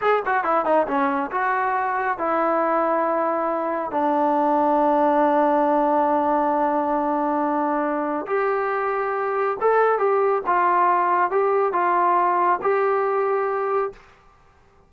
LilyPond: \new Staff \with { instrumentName = "trombone" } { \time 4/4 \tempo 4 = 138 gis'8 fis'8 e'8 dis'8 cis'4 fis'4~ | fis'4 e'2.~ | e'4 d'2.~ | d'1~ |
d'2. g'4~ | g'2 a'4 g'4 | f'2 g'4 f'4~ | f'4 g'2. | }